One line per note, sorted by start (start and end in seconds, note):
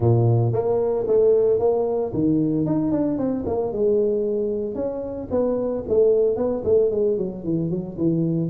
0.00 0.52 A#2
0.53 1.06 A#3
1.07 1.59 A3
1.59 2.12 A#3
2.13 2.65 D#3
2.65 2.91 D#4
2.91 3.17 D4
3.17 3.44 C4
3.46 3.72 A#3
3.72 4.74 G#3
4.74 5.28 C#4
5.30 5.84 B3
5.88 6.36 A3
6.36 6.62 B3
6.64 6.91 A3
6.91 7.17 G#3
7.17 7.44 F#3
7.44 7.70 E3
7.70 7.97 F#3
7.97 8.49 E3